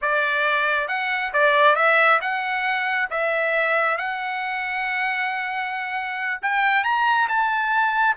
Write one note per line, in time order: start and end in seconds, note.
0.01 0.88 D5
0.88 1.32 F#5
1.33 1.75 D5
1.75 2.19 E5
2.21 3.09 F#5
3.10 3.97 E5
3.97 6.40 F#5
6.42 6.83 G5
6.83 7.28 A#5
7.28 8.16 A5